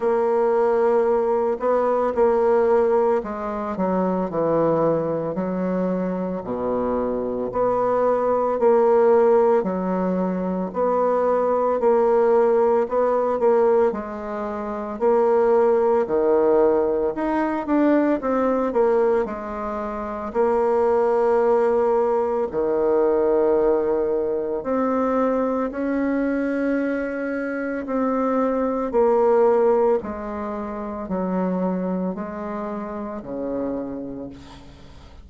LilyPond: \new Staff \with { instrumentName = "bassoon" } { \time 4/4 \tempo 4 = 56 ais4. b8 ais4 gis8 fis8 | e4 fis4 b,4 b4 | ais4 fis4 b4 ais4 | b8 ais8 gis4 ais4 dis4 |
dis'8 d'8 c'8 ais8 gis4 ais4~ | ais4 dis2 c'4 | cis'2 c'4 ais4 | gis4 fis4 gis4 cis4 | }